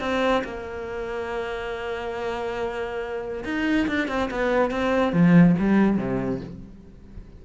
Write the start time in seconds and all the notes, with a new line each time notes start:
0.00 C4
0.44 A#3
3.44 D#4
3.88 D4
4.08 C4
4.31 B3
4.71 C4
5.13 F3
5.59 G3
5.98 C3